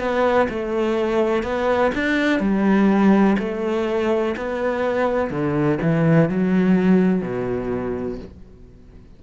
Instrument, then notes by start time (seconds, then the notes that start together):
cello
0.00 B3
0.50 A3
1.43 B3
1.95 D4
2.40 G3
3.39 A3
4.37 B3
5.30 D3
5.82 E3
6.29 F#3
7.22 B2